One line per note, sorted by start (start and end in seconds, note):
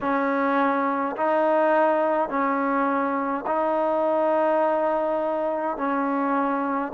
0.00 1.15 C#4
1.16 2.29 D#4
2.29 3.44 C#4
3.46 5.77 D#4
5.77 6.92 C#4